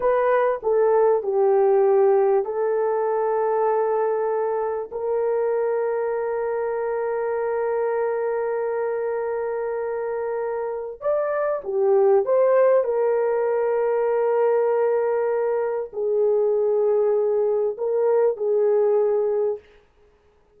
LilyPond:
\new Staff \with { instrumentName = "horn" } { \time 4/4 \tempo 4 = 98 b'4 a'4 g'2 | a'1 | ais'1~ | ais'1~ |
ais'2 d''4 g'4 | c''4 ais'2.~ | ais'2 gis'2~ | gis'4 ais'4 gis'2 | }